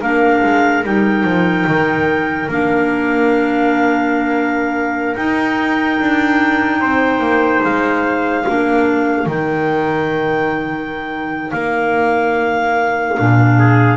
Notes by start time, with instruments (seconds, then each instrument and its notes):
0.00 double bass A#3, clarinet D4 F5, trumpet A#4
0.43 double bass G#3
0.84 double bass G3, clarinet D#4 G5
1.23 double bass F3
1.67 double bass D#3
2.48 double bass A#3, clarinet D4 F5
5.15 clarinet D#4 G5, double bass D#4
6.00 double bass D4
6.80 double bass C4, trumpet C5
7.19 double bass A#3
7.63 double bass G#3, clarinet F5
8.45 double bass A#3, clarinet D4, trumpet A#4
9.26 double bass D#3, clarinet D#4 G5
11.51 double bass A#3, clarinet F5
13.16 double bass A#2, clarinet D4
13.58 trumpet G#4